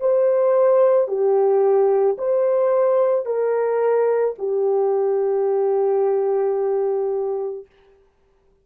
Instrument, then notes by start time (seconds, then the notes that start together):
horn
0.00 C5
1.08 G4
2.18 C5
3.26 A#4
4.39 G4